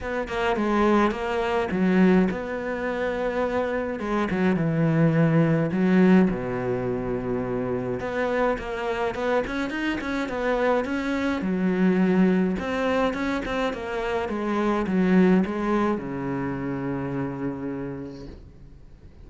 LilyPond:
\new Staff \with { instrumentName = "cello" } { \time 4/4 \tempo 4 = 105 b8 ais8 gis4 ais4 fis4 | b2. gis8 fis8 | e2 fis4 b,4~ | b,2 b4 ais4 |
b8 cis'8 dis'8 cis'8 b4 cis'4 | fis2 c'4 cis'8 c'8 | ais4 gis4 fis4 gis4 | cis1 | }